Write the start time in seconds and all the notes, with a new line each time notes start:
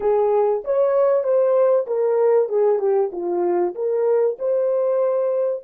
0.00 G#4
0.64 C#5
1.23 C5
1.87 A#4
2.48 G#4
2.79 G4
3.11 F4
3.74 A#4
4.38 C5